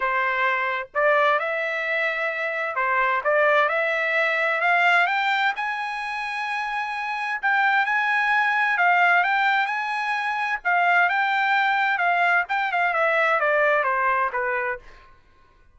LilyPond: \new Staff \with { instrumentName = "trumpet" } { \time 4/4 \tempo 4 = 130 c''2 d''4 e''4~ | e''2 c''4 d''4 | e''2 f''4 g''4 | gis''1 |
g''4 gis''2 f''4 | g''4 gis''2 f''4 | g''2 f''4 g''8 f''8 | e''4 d''4 c''4 b'4 | }